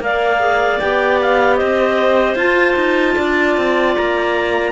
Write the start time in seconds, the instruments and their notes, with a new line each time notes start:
0.00 cello A#3, clarinet A#4 D5 F5
0.40 clarinet G#4
0.80 cello B3, clarinet G4 G5
1.22 clarinet F5
1.56 cello C4, clarinet C5 D#5
2.36 cello F4, clarinet F4 A5
2.76 cello D#4
3.16 cello D4, clarinet D5
3.57 cello C4
3.96 cello A#3, clarinet A#5